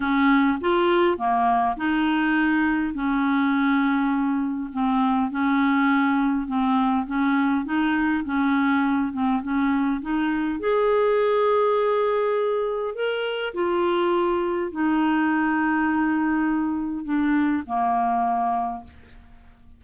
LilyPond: \new Staff \with { instrumentName = "clarinet" } { \time 4/4 \tempo 4 = 102 cis'4 f'4 ais4 dis'4~ | dis'4 cis'2. | c'4 cis'2 c'4 | cis'4 dis'4 cis'4. c'8 |
cis'4 dis'4 gis'2~ | gis'2 ais'4 f'4~ | f'4 dis'2.~ | dis'4 d'4 ais2 | }